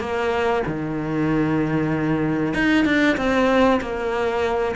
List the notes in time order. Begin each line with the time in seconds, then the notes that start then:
0.00 A#3
0.67 D#3
2.54 D#4
2.85 D4
3.17 C4
3.81 A#3